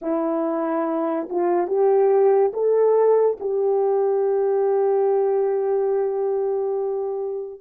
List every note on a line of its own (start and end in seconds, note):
0.01 1.28 E4
1.29 1.67 F4
1.67 2.51 G4
2.53 3.37 A4
3.40 7.60 G4